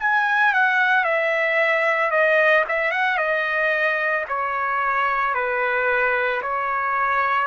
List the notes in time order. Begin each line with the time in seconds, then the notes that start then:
0.00 G#5
0.54 F#5
1.05 E5
2.11 D#5
2.69 E5
2.92 F#5
3.18 D#5
4.29 C#5
5.35 B4
6.42 C#5